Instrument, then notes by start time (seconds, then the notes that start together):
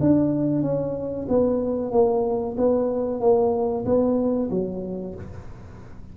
tuba
0.00 D4
0.62 C#4
1.28 B3
1.91 A#3
2.57 B3
3.20 A#3
3.85 B3
4.50 F#3